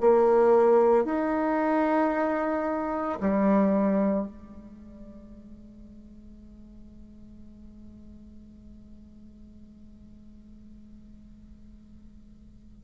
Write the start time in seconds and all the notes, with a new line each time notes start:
0.00 A#3
1.04 D#4
3.20 G3
4.26 G#3